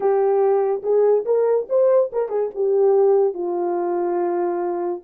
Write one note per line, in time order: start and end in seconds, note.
0.00 0.82 G4
0.82 1.24 G#4
1.25 1.67 A#4
1.69 2.11 C5
2.12 2.28 A#4
2.28 2.49 G#4
2.54 3.34 G4
3.34 5.01 F4